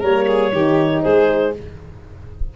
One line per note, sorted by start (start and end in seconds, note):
0.00 0.52 G3
0.00 0.52 A#3
0.00 0.25 A#4
0.00 1.02 C#5
0.27 0.53 G#4
0.52 1.03 D#3
0.52 1.54 D#4
0.52 1.03 G4
1.02 1.56 G#3
1.02 1.54 G#4
1.02 1.53 C5